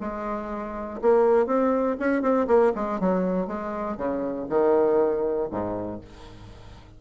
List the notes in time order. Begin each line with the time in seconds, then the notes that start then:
0.00 G#3
1.01 A#3
1.46 C4
1.99 C#4
2.22 C4
2.47 A#3
2.75 G#3
2.99 F#3
3.47 G#3
3.97 C#3
4.49 D#3
5.50 G#2